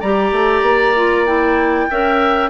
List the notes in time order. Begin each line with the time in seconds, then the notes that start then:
0.00 G3 G4 D5 A#5
0.32 A3
0.62 A#3
0.96 F4
1.26 E4 G5
1.90 C#4 A#4 E5